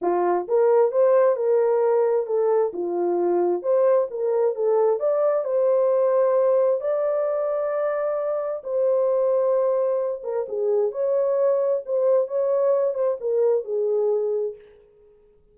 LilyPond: \new Staff \with { instrumentName = "horn" } { \time 4/4 \tempo 4 = 132 f'4 ais'4 c''4 ais'4~ | ais'4 a'4 f'2 | c''4 ais'4 a'4 d''4 | c''2. d''4~ |
d''2. c''4~ | c''2~ c''8 ais'8 gis'4 | cis''2 c''4 cis''4~ | cis''8 c''8 ais'4 gis'2 | }